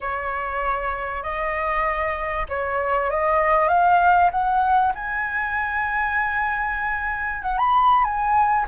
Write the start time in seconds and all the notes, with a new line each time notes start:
0.00 C#5
1.22 D#5
2.49 C#5
3.10 D#5
3.68 F5
4.31 F#5
4.95 G#5
7.42 F#5
7.58 B5
8.04 G#5